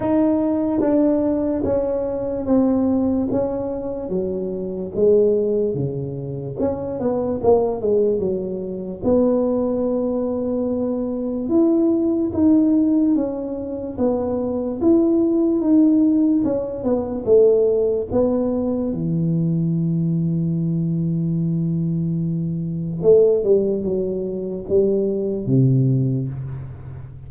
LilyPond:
\new Staff \with { instrumentName = "tuba" } { \time 4/4 \tempo 4 = 73 dis'4 d'4 cis'4 c'4 | cis'4 fis4 gis4 cis4 | cis'8 b8 ais8 gis8 fis4 b4~ | b2 e'4 dis'4 |
cis'4 b4 e'4 dis'4 | cis'8 b8 a4 b4 e4~ | e1 | a8 g8 fis4 g4 c4 | }